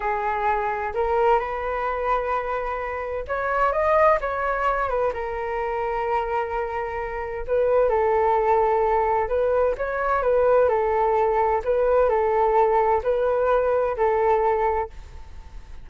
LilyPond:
\new Staff \with { instrumentName = "flute" } { \time 4/4 \tempo 4 = 129 gis'2 ais'4 b'4~ | b'2. cis''4 | dis''4 cis''4. b'8 ais'4~ | ais'1 |
b'4 a'2. | b'4 cis''4 b'4 a'4~ | a'4 b'4 a'2 | b'2 a'2 | }